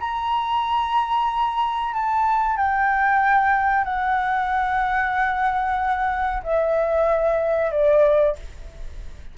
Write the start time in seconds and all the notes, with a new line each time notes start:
0.00 A#5
1.94 A5
2.57 G5
3.84 F#5
6.43 E5
7.71 D5